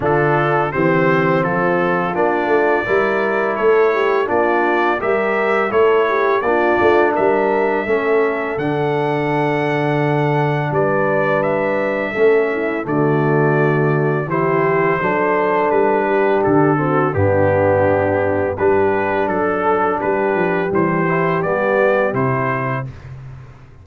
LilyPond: <<
  \new Staff \with { instrumentName = "trumpet" } { \time 4/4 \tempo 4 = 84 a'4 c''4 a'4 d''4~ | d''4 cis''4 d''4 e''4 | cis''4 d''4 e''2 | fis''2. d''4 |
e''2 d''2 | c''2 b'4 a'4 | g'2 b'4 a'4 | b'4 c''4 d''4 c''4 | }
  \new Staff \with { instrumentName = "horn" } { \time 4/4 f'4 g'4 f'2 | ais'4 a'8 g'8 f'4 ais'4 | a'8 g'8 f'4 ais'4 a'4~ | a'2. b'4~ |
b'4 a'8 e'8 fis'2 | g'4 a'4. g'4 fis'8 | d'2 g'4 a'4 | g'1 | }
  \new Staff \with { instrumentName = "trombone" } { \time 4/4 d'4 c'2 d'4 | e'2 d'4 g'4 | e'4 d'2 cis'4 | d'1~ |
d'4 cis'4 a2 | e'4 d'2~ d'8 c'8 | b2 d'2~ | d'4 g8 e'8 b4 e'4 | }
  \new Staff \with { instrumentName = "tuba" } { \time 4/4 d4 e4 f4 ais8 a8 | g4 a4 ais4 g4 | a4 ais8 a8 g4 a4 | d2. g4~ |
g4 a4 d2 | e4 fis4 g4 d4 | g,2 g4 fis4 | g8 f8 e4 g4 c4 | }
>>